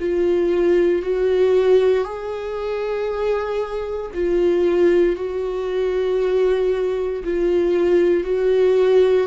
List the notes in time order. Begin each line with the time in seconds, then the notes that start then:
0.00 F4
1.03 F#4
2.05 G#4
4.14 F4
5.16 F#4
7.24 F4
8.24 F#4